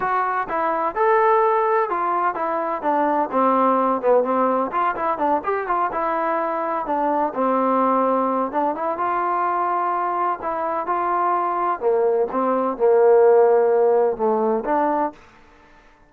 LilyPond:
\new Staff \with { instrumentName = "trombone" } { \time 4/4 \tempo 4 = 127 fis'4 e'4 a'2 | f'4 e'4 d'4 c'4~ | c'8 b8 c'4 f'8 e'8 d'8 g'8 | f'8 e'2 d'4 c'8~ |
c'2 d'8 e'8 f'4~ | f'2 e'4 f'4~ | f'4 ais4 c'4 ais4~ | ais2 a4 d'4 | }